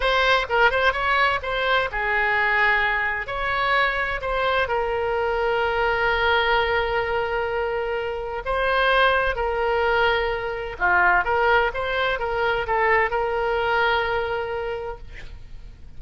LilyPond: \new Staff \with { instrumentName = "oboe" } { \time 4/4 \tempo 4 = 128 c''4 ais'8 c''8 cis''4 c''4 | gis'2. cis''4~ | cis''4 c''4 ais'2~ | ais'1~ |
ais'2 c''2 | ais'2. f'4 | ais'4 c''4 ais'4 a'4 | ais'1 | }